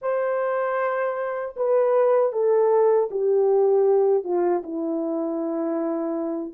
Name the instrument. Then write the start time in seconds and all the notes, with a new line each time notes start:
horn
0.01 C5
1.56 B4
2.32 A4
3.10 G4
4.24 F4
4.63 E4